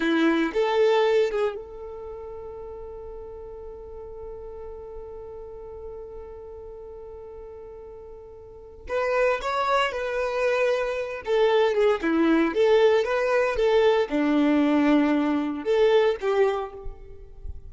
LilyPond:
\new Staff \with { instrumentName = "violin" } { \time 4/4 \tempo 4 = 115 e'4 a'4. gis'8 a'4~ | a'1~ | a'1~ | a'1~ |
a'4 b'4 cis''4 b'4~ | b'4. a'4 gis'8 e'4 | a'4 b'4 a'4 d'4~ | d'2 a'4 g'4 | }